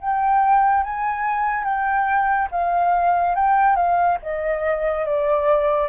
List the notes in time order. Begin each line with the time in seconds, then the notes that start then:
0.00 G5
0.83 G#5
1.64 G5
2.51 F5
3.35 G5
3.76 F5
4.22 D#5
5.05 D5